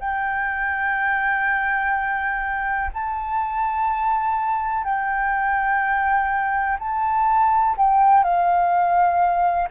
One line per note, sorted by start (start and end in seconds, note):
0.00 2.90 G5
2.94 4.84 A5
4.84 6.78 G5
6.79 7.76 A5
7.77 8.23 G5
8.23 9.69 F5